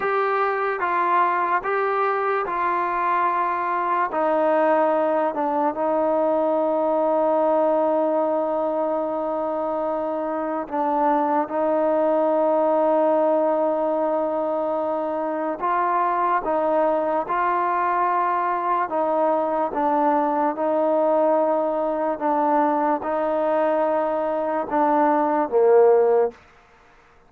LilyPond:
\new Staff \with { instrumentName = "trombone" } { \time 4/4 \tempo 4 = 73 g'4 f'4 g'4 f'4~ | f'4 dis'4. d'8 dis'4~ | dis'1~ | dis'4 d'4 dis'2~ |
dis'2. f'4 | dis'4 f'2 dis'4 | d'4 dis'2 d'4 | dis'2 d'4 ais4 | }